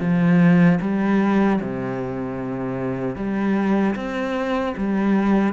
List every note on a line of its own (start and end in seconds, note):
0.00 0.79 F3
0.81 1.60 G3
1.61 3.16 C3
3.16 3.95 G3
3.95 4.74 C4
4.77 5.53 G3